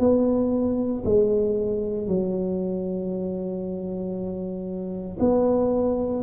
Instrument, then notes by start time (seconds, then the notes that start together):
tuba
0.00 B3
1.05 G#3
2.08 F#3
5.20 B3